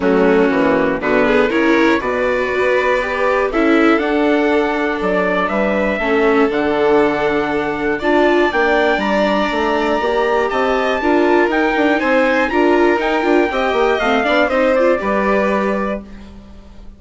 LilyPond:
<<
  \new Staff \with { instrumentName = "trumpet" } { \time 4/4 \tempo 4 = 120 fis'2 b'4 cis''4 | d''2. e''4 | fis''2 d''4 e''4~ | e''4 fis''2. |
a''4 g''4 ais''2~ | ais''4 a''2 g''4 | gis''4 ais''4 g''2 | f''4 dis''8 d''2~ d''8 | }
  \new Staff \with { instrumentName = "violin" } { \time 4/4 cis'2 fis'8 gis'8 ais'4 | b'2. a'4~ | a'2. b'4 | a'1 |
d''1~ | d''4 dis''4 ais'2 | c''4 ais'2 dis''4~ | dis''8 d''8 c''4 b'2 | }
  \new Staff \with { instrumentName = "viola" } { \time 4/4 a4 ais4 b4 e'4 | fis'2 g'4 e'4 | d'1 | cis'4 d'2. |
f'4 d'2. | g'2 f'4 dis'4~ | dis'4 f'4 dis'8 f'8 g'4 | c'8 d'8 dis'8 f'8 g'2 | }
  \new Staff \with { instrumentName = "bassoon" } { \time 4/4 fis4 e4 d4 cis4 | b,4 b2 cis'4 | d'2 fis4 g4 | a4 d2. |
d'4 ais4 g4 a4 | ais4 c'4 d'4 dis'8 d'8 | c'4 d'4 dis'8 d'8 c'8 ais8 | a8 b8 c'4 g2 | }
>>